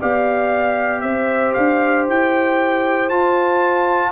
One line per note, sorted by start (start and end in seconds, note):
0.00 1.02 B3
0.00 3.10 G4
0.00 1.03 D5
0.00 1.01 F5
1.01 1.54 C4
1.01 4.12 C5
1.01 1.52 E5
1.53 2.08 D4
1.53 2.05 F5
2.08 3.11 E4
2.08 3.09 G5
3.09 4.12 F4
3.09 4.12 A5